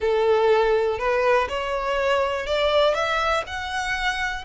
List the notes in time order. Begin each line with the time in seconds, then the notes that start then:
0.00 A4
0.98 B4
1.48 C#5
2.46 D5
2.94 E5
3.46 F#5